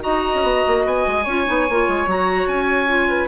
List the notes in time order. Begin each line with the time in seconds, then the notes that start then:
0.00 D#4 F#4 D#5 A#5
0.35 C#4
0.43 B3
0.67 A#3
0.85 B3 G#5
1.07 G#3
1.24 C#4 F4 C#5
1.46 B3 D#4
1.69 A#3 F4
1.88 G#3
2.06 F#3 F#4 A#5
2.47 C#4 G#5
2.86 F4
3.08 B4